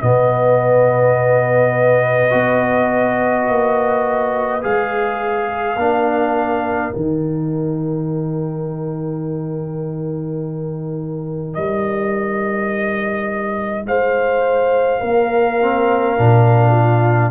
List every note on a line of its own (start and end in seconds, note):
0.00 2.33 B2
0.00 2.30 B3
0.00 5.81 B4
0.00 4.64 D#5
2.30 3.49 B3
2.30 4.61 F#4
3.49 4.64 A#3
4.62 5.76 G#3
4.62 5.77 G#4
4.62 6.94 F5
5.76 6.91 A#3
5.76 6.92 D4
5.76 13.88 A#4
6.92 11.57 D#3
6.92 15.58 D#4
6.92 11.54 G5
11.54 13.86 G3
11.54 13.85 D#5
13.86 15.01 G#3
13.86 15.00 C5
13.86 17.31 F5
15.00 16.18 A#3
15.00 16.71 A#4
15.62 16.17 C4
16.17 17.31 A#2
16.17 17.31 D4
16.71 17.29 F4